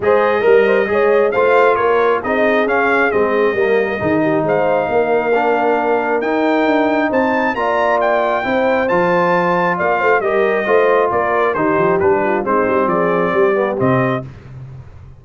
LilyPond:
<<
  \new Staff \with { instrumentName = "trumpet" } { \time 4/4 \tempo 4 = 135 dis''2. f''4 | cis''4 dis''4 f''4 dis''4~ | dis''2 f''2~ | f''2 g''2 |
a''4 ais''4 g''2 | a''2 f''4 dis''4~ | dis''4 d''4 c''4 b'4 | c''4 d''2 dis''4 | }
  \new Staff \with { instrumentName = "horn" } { \time 4/4 c''4 ais'8 c''8 cis''4 c''4 | ais'4 gis'2. | ais'4 gis'8 g'8 c''4 ais'4~ | ais'1 |
c''4 d''2 c''4~ | c''2 d''8 c''8 ais'4 | c''4 ais'4 g'4. f'8 | dis'4 gis'4 g'2 | }
  \new Staff \with { instrumentName = "trombone" } { \time 4/4 gis'4 ais'4 gis'4 f'4~ | f'4 dis'4 cis'4 c'4 | ais4 dis'2. | d'2 dis'2~ |
dis'4 f'2 e'4 | f'2. g'4 | f'2 dis'4 d'4 | c'2~ c'8 b8 c'4 | }
  \new Staff \with { instrumentName = "tuba" } { \time 4/4 gis4 g4 gis4 a4 | ais4 c'4 cis'4 gis4 | g4 dis4 gis4 ais4~ | ais2 dis'4 d'4 |
c'4 ais2 c'4 | f2 ais8 a8 g4 | a4 ais4 dis8 f8 g4 | gis8 g8 f4 g4 c4 | }
>>